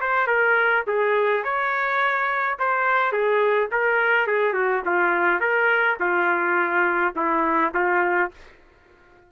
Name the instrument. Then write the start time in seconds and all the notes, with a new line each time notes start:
trumpet
0.00 C5
0.27 A#4
0.87 G#4
1.43 C#5
2.59 C5
3.12 G#4
3.71 A#4
4.26 G#4
4.53 F#4
4.85 F4
5.40 A#4
5.99 F4
7.16 E4
7.74 F4